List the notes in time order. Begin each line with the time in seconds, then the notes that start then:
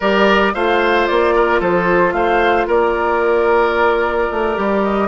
0.00 G3 G4 A#4 D5
0.54 A3 F4 C5 F5
1.06 A#3 D5
1.35 A#4
1.60 F3 A4 C5
2.12 A3 C5 F5
2.67 A#3 A#4 D5
4.31 A3
4.55 G3 G4
4.83 D#5